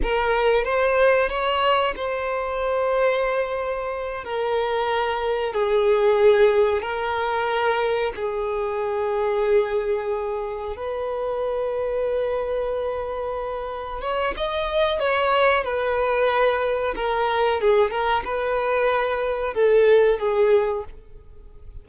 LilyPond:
\new Staff \with { instrumentName = "violin" } { \time 4/4 \tempo 4 = 92 ais'4 c''4 cis''4 c''4~ | c''2~ c''8 ais'4.~ | ais'8 gis'2 ais'4.~ | ais'8 gis'2.~ gis'8~ |
gis'8 b'2.~ b'8~ | b'4. cis''8 dis''4 cis''4 | b'2 ais'4 gis'8 ais'8 | b'2 a'4 gis'4 | }